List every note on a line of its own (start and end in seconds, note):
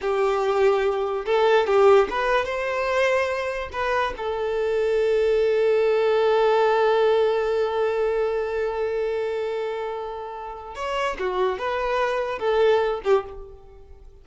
0.01 1.25 G4
1.25 1.66 A4
1.66 2.08 G4
2.10 2.45 B4
2.45 3.69 C5
3.72 4.13 B4
4.17 10.75 A4
10.75 11.16 C#5
11.19 11.58 F#4
11.58 12.39 B4
12.39 13.01 A4
13.04 13.24 G4